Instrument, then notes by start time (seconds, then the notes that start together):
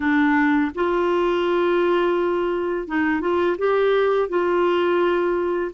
clarinet
0.00 D4
0.74 F4
2.87 D#4
3.20 F4
3.58 G4
4.29 F4